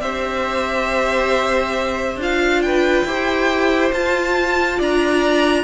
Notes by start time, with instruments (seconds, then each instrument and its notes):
0.00 cello C4, viola G4, violin C5 E5
2.16 cello D4, viola F4, violin F5
2.62 violin B4 G5
3.04 cello E4, viola G4, violin C5
3.93 cello F4, viola F4, violin A5
4.78 cello D4, violin D5 A#5